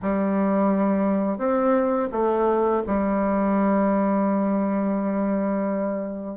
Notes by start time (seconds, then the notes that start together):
0.02 G3
1.38 C4
2.11 A3
2.86 G3